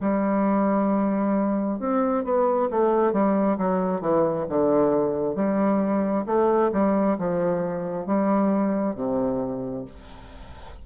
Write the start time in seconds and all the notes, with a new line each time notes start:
0.00 G3
1.79 C4
2.23 B3
2.70 A3
3.12 G3
3.57 F#3
4.01 E3
4.49 D3
5.35 G3
6.26 A3
6.72 G3
7.18 F3
8.06 G3
8.95 C3